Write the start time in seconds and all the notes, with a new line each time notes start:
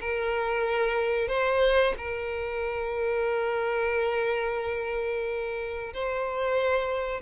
0.00 A#4
1.28 C5
1.97 A#4
5.93 C5